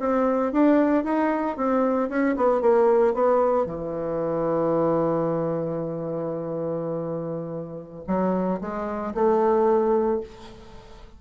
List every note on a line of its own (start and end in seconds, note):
0.00 0.53 C4
0.53 1.04 D4
1.04 1.57 D#4
1.57 2.09 C4
2.09 2.36 C#4
2.37 2.61 B3
2.61 3.14 A#3
3.14 3.66 B3
3.66 8.04 E3
8.08 8.61 F#3
8.61 9.14 G#3
9.14 10.21 A3